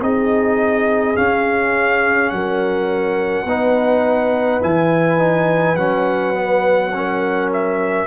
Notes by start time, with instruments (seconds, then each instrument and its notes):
0.00 tuba C4, trombone D#4, horn G#4, trumpet D#5
1.16 trombone C#4, tuba C#4, trumpet F5
2.29 tuba F#3, horn A#4, trumpet F#5
3.45 tuba B3, trombone D#4, horn B4
4.61 tuba E3, trombone E4, trumpet G#5
5.18 trombone D#4
5.76 tuba F#3, trombone C#4, trumpet F#5
6.34 trombone B3
6.93 trombone C#4, horn A#4
7.53 trumpet E5